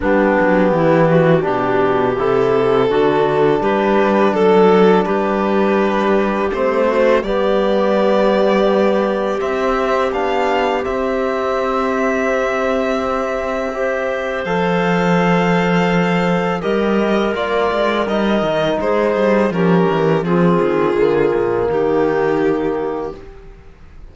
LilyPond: <<
  \new Staff \with { instrumentName = "violin" } { \time 4/4 \tempo 4 = 83 g'2. a'4~ | a'4 b'4 a'4 b'4~ | b'4 c''4 d''2~ | d''4 e''4 f''4 e''4~ |
e''1 | f''2. dis''4 | d''4 dis''4 c''4 ais'4 | gis'2 g'2 | }
  \new Staff \with { instrumentName = "clarinet" } { \time 4/4 d'4 e'8 fis'8 g'2 | fis'4 g'4 a'4 g'4~ | g'4. fis'8 g'2~ | g'1~ |
g'2. c''4~ | c''2. ais'4~ | ais'2 gis'4 g'4 | f'2 dis'2 | }
  \new Staff \with { instrumentName = "trombone" } { \time 4/4 b2 d'4 e'4 | d'1~ | d'4 c'4 b2~ | b4 c'4 d'4 c'4~ |
c'2. g'4 | a'2. g'4 | f'4 dis'2 cis'4 | c'4 ais2. | }
  \new Staff \with { instrumentName = "cello" } { \time 4/4 g8 fis8 e4 b,4 c4 | d4 g4 fis4 g4~ | g4 a4 g2~ | g4 c'4 b4 c'4~ |
c'1 | f2. g4 | ais8 gis8 g8 dis8 gis8 g8 f8 e8 | f8 dis8 d8 ais,8 dis2 | }
>>